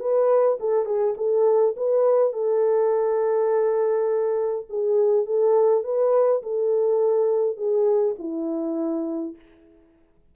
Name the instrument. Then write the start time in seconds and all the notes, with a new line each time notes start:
horn
0.00 B4
0.60 A4
0.86 G#4
1.17 A4
1.77 B4
2.33 A4
4.69 G#4
5.26 A4
5.84 B4
6.43 A4
7.57 G#4
8.19 E4